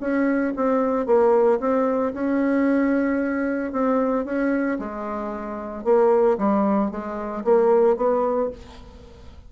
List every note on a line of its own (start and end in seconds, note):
0.00 0.53 C#4
0.56 1.06 C4
1.06 1.59 A#3
1.60 2.13 C4
2.14 3.72 C#4
3.72 4.25 C4
4.25 4.78 C#4
4.79 5.84 G#3
5.84 6.37 A#3
6.38 6.91 G3
6.91 7.44 G#3
7.44 7.96 A#3
7.96 8.50 B3